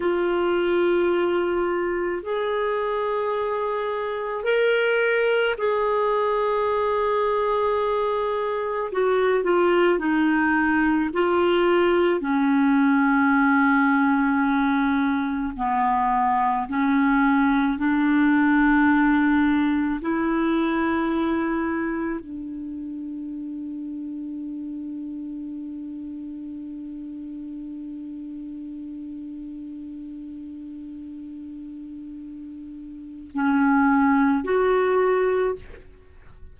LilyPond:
\new Staff \with { instrumentName = "clarinet" } { \time 4/4 \tempo 4 = 54 f'2 gis'2 | ais'4 gis'2. | fis'8 f'8 dis'4 f'4 cis'4~ | cis'2 b4 cis'4 |
d'2 e'2 | d'1~ | d'1~ | d'2 cis'4 fis'4 | }